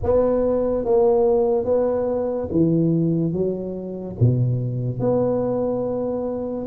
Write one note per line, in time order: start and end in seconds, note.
0.03 0.84 B3
0.84 1.64 A#3
1.64 2.48 B3
2.51 3.32 E3
3.32 4.16 F#3
4.20 4.99 B2
4.99 6.66 B3